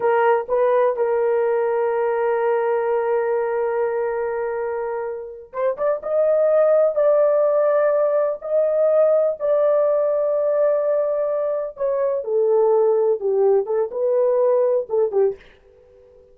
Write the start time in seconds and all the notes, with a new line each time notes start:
0.00 A#4
0.48 B4
0.96 A#4
5.52 C5
5.77 D5
6.02 D#5
6.95 D5
8.41 D#5
9.39 D5
11.76 C#5
12.24 A4
13.20 G4
13.65 A4
13.91 B4
14.89 A4
15.11 G4